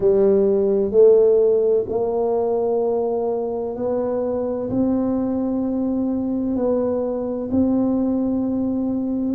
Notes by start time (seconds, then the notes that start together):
0.00 G3
0.91 A3
1.88 A#3
3.75 B3
4.70 C4
6.55 B3
7.51 C4